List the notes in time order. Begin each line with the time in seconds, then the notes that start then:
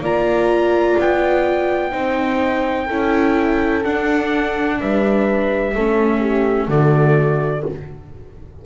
0.00 A#3 F4 D5 A#5
0.99 B3 G5
1.91 C4 D#4 C5
2.86 C#4 E4 A4
3.84 D4 F#5
4.80 G3 B4 E5
5.75 A3 C#4 A4
6.20 G4
6.67 D3 A3 F#4 D5